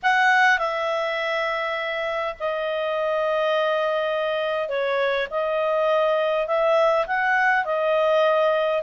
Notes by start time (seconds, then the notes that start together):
0.02 F#5
0.58 E5
2.39 D#5
4.68 C#5
5.30 D#5
6.47 E5
7.06 F#5
7.65 D#5